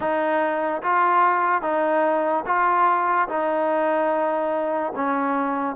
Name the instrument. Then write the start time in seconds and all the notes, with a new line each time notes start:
trombone
0.00 D#4
0.82 F4
1.62 D#4
2.45 F4
3.28 D#4
4.95 C#4